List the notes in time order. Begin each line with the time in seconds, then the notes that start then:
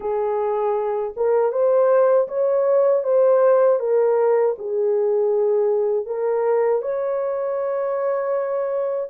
0.00 G#4
1.16 A#4
1.52 C5
2.28 C#5
3.03 C5
3.79 A#4
4.58 G#4
6.06 A#4
6.81 C#5